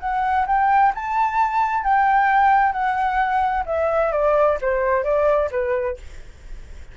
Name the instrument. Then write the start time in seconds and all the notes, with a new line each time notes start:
flute
0.00 F#5
0.47 G5
0.94 A5
1.83 G5
2.72 F#5
3.66 E5
4.12 D5
4.61 C5
5.04 D5
5.51 B4